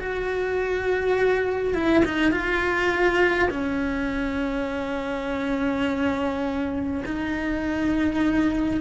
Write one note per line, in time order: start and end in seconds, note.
0.00 1.74 F#4
1.74 2.04 E4
2.05 2.32 D#4
2.32 3.49 F4
3.50 7.03 C#4
7.05 8.81 D#4